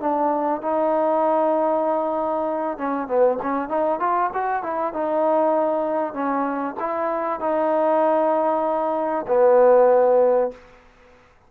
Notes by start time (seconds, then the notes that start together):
0.00 D4
0.62 D#4
2.78 C#4
3.08 B3
3.43 C#4
3.69 D#4
4.00 F4
4.34 F#4
4.63 E4
4.93 D#4
6.13 C#4
6.80 E4
7.40 D#4
9.28 B3